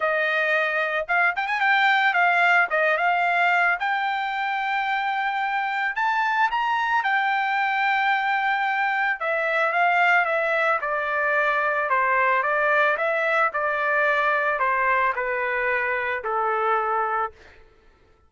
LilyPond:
\new Staff \with { instrumentName = "trumpet" } { \time 4/4 \tempo 4 = 111 dis''2 f''8 g''16 gis''16 g''4 | f''4 dis''8 f''4. g''4~ | g''2. a''4 | ais''4 g''2.~ |
g''4 e''4 f''4 e''4 | d''2 c''4 d''4 | e''4 d''2 c''4 | b'2 a'2 | }